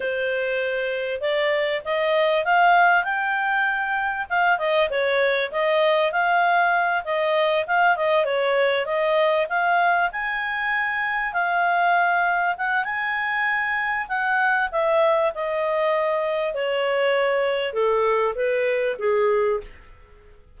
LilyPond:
\new Staff \with { instrumentName = "clarinet" } { \time 4/4 \tempo 4 = 98 c''2 d''4 dis''4 | f''4 g''2 f''8 dis''8 | cis''4 dis''4 f''4. dis''8~ | dis''8 f''8 dis''8 cis''4 dis''4 f''8~ |
f''8 gis''2 f''4.~ | f''8 fis''8 gis''2 fis''4 | e''4 dis''2 cis''4~ | cis''4 a'4 b'4 gis'4 | }